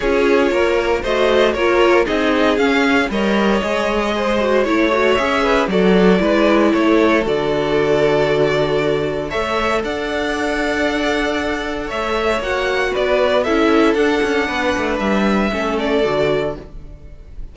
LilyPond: <<
  \new Staff \with { instrumentName = "violin" } { \time 4/4 \tempo 4 = 116 cis''2 dis''4 cis''4 | dis''4 f''4 dis''2~ | dis''4 cis''4 e''4 d''4~ | d''4 cis''4 d''2~ |
d''2 e''4 fis''4~ | fis''2. e''4 | fis''4 d''4 e''4 fis''4~ | fis''4 e''4. d''4. | }
  \new Staff \with { instrumentName = "violin" } { \time 4/4 gis'4 ais'4 c''4 ais'4 | gis'2 cis''2 | c''4 cis''4. b'8 a'4 | b'4 a'2.~ |
a'2 cis''4 d''4~ | d''2. cis''4~ | cis''4 b'4 a'2 | b'2 a'2 | }
  \new Staff \with { instrumentName = "viola" } { \time 4/4 f'2 fis'4 f'4 | dis'4 cis'4 ais'4 gis'4~ | gis'8 fis'8 e'8 fis'8 gis'4 fis'4 | e'2 fis'2~ |
fis'2 a'2~ | a'1 | fis'2 e'4 d'4~ | d'2 cis'4 fis'4 | }
  \new Staff \with { instrumentName = "cello" } { \time 4/4 cis'4 ais4 a4 ais4 | c'4 cis'4 g4 gis4~ | gis4 a4 cis'4 fis4 | gis4 a4 d2~ |
d2 a4 d'4~ | d'2. a4 | ais4 b4 cis'4 d'8 cis'8 | b8 a8 g4 a4 d4 | }
>>